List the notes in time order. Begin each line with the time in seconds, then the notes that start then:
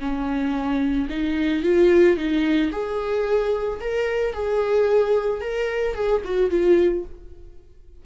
0.00 C#4
1.10 D#4
1.63 F4
2.17 D#4
2.72 G#4
3.81 A#4
4.34 G#4
5.41 A#4
5.95 G#4
6.25 F#4
6.51 F4